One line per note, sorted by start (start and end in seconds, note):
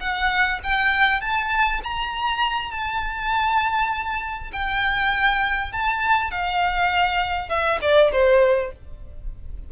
0.00 0.60 F#5
0.64 1.21 G5
1.21 1.81 A5
1.84 2.71 A#5
2.71 4.51 A5
4.53 5.73 G5
5.73 6.31 A5
6.31 7.49 F5
7.49 7.79 E5
7.82 8.12 D5
8.12 8.72 C5